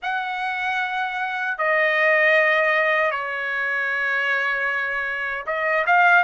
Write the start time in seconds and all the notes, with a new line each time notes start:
0.02 F#5
1.58 D#5
3.11 C#5
5.46 D#5
5.86 F5